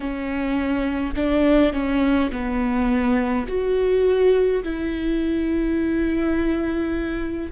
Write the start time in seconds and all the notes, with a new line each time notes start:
0.00 C#4
1.15 D4
1.73 C#4
2.31 B3
3.47 F#4
4.63 E4